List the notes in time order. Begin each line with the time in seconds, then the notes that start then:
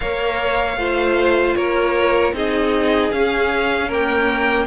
0.00 A#3 A#4 C#5 F5
0.76 A3 F4 C5
1.55 A#3 A#4 C#5
2.32 C4 D#4 G#4 D#5
3.11 C#4 F5
3.87 A#3 A#4 G5